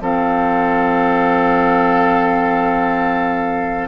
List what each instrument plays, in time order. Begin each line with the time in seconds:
0.00 bassoon F3, clarinet C4, oboe A4, flute F5